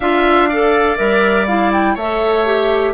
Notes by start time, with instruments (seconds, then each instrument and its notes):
0.00 bassoon D4, clarinet F4, oboe E5, flute F5
0.49 clarinet A4, oboe D5
0.97 bassoon G3, clarinet A#4, flute E5
1.47 clarinet E4, flute F5
1.72 flute G5
1.94 bassoon A3, oboe C#5, flute E5
2.00 clarinet A4
2.45 clarinet G4